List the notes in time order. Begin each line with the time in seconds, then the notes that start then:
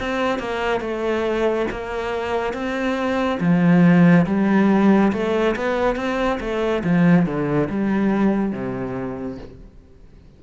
0.00 C4
0.39 A#3
0.81 A3
1.71 A#3
2.54 C4
3.41 F3
4.27 G3
5.13 A3
5.56 B3
5.96 C4
6.41 A3
6.84 F3
7.26 D3
7.69 G3
8.53 C3